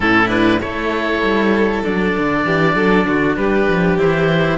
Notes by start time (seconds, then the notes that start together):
0.00 A2 C#4 E4 A4
0.27 D4 B4
0.60 A3 E4 A4 C#5
1.22 G3
1.83 F#3 D4 D5
2.17 D3
2.45 E3 G4
2.75 F#3 A4
3.05 D3 F#4
3.36 G3 G4 B4
3.68 F3
3.97 E3 E4 C5